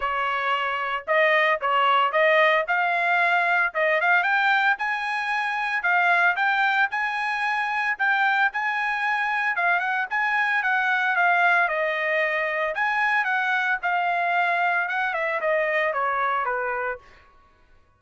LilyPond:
\new Staff \with { instrumentName = "trumpet" } { \time 4/4 \tempo 4 = 113 cis''2 dis''4 cis''4 | dis''4 f''2 dis''8 f''8 | g''4 gis''2 f''4 | g''4 gis''2 g''4 |
gis''2 f''8 fis''8 gis''4 | fis''4 f''4 dis''2 | gis''4 fis''4 f''2 | fis''8 e''8 dis''4 cis''4 b'4 | }